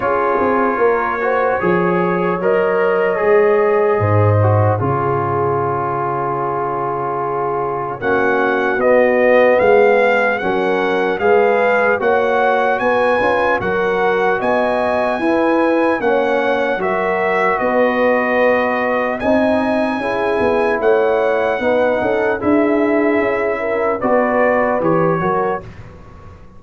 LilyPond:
<<
  \new Staff \with { instrumentName = "trumpet" } { \time 4/4 \tempo 4 = 75 cis''2. dis''4~ | dis''2 cis''2~ | cis''2 fis''4 dis''4 | f''4 fis''4 f''4 fis''4 |
gis''4 fis''4 gis''2 | fis''4 e''4 dis''2 | gis''2 fis''2 | e''2 d''4 cis''4 | }
  \new Staff \with { instrumentName = "horn" } { \time 4/4 gis'4 ais'8 c''8 cis''2~ | cis''4 c''4 gis'2~ | gis'2 fis'2 | gis'4 ais'4 b'4 cis''4 |
b'4 ais'4 dis''4 b'4 | cis''4 ais'4 b'2 | dis''4 gis'4 cis''4 b'8 a'8 | gis'4. ais'8 b'4. ais'8 | }
  \new Staff \with { instrumentName = "trombone" } { \time 4/4 f'4. fis'8 gis'4 ais'4 | gis'4. fis'8 f'2~ | f'2 cis'4 b4~ | b4 cis'4 gis'4 fis'4~ |
fis'8 f'8 fis'2 e'4 | cis'4 fis'2. | dis'4 e'2 dis'4 | e'2 fis'4 g'8 fis'8 | }
  \new Staff \with { instrumentName = "tuba" } { \time 4/4 cis'8 c'8 ais4 f4 fis4 | gis4 gis,4 cis2~ | cis2 ais4 b4 | gis4 fis4 gis4 ais4 |
b8 cis'8 fis4 b4 e'4 | ais4 fis4 b2 | c'4 cis'8 b8 a4 b8 cis'8 | d'4 cis'4 b4 e8 fis8 | }
>>